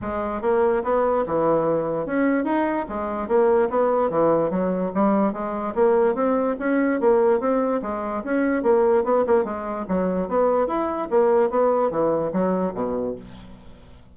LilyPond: \new Staff \with { instrumentName = "bassoon" } { \time 4/4 \tempo 4 = 146 gis4 ais4 b4 e4~ | e4 cis'4 dis'4 gis4 | ais4 b4 e4 fis4 | g4 gis4 ais4 c'4 |
cis'4 ais4 c'4 gis4 | cis'4 ais4 b8 ais8 gis4 | fis4 b4 e'4 ais4 | b4 e4 fis4 b,4 | }